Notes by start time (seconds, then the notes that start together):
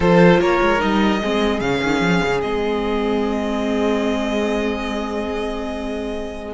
0.00 F3 F4 A4 C5
0.39 A#3 A#4 C#5
0.61 G#3
0.79 G3 D#4 D#5
1.21 G#3 C4 G#4
1.60 C#3 C#4 F5
1.82 D#3
2.00 F3
2.23 C#3
2.41 G#3 C4 D#5